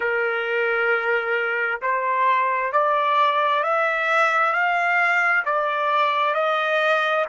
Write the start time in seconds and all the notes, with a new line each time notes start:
0.00 A#4
1.81 C5
2.72 D5
3.63 E5
4.52 F5
5.45 D5
6.34 D#5